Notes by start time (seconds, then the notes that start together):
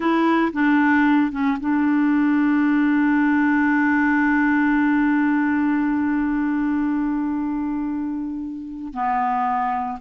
0.00 E4
0.52 D4
1.31 C#4
1.60 D4
8.93 B3